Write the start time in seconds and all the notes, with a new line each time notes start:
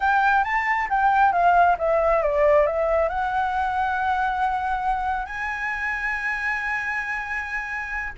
0.00 G5
0.44 A5
0.89 G5
1.32 F5
1.78 E5
2.22 D5
2.66 E5
3.08 F#5
5.26 G#5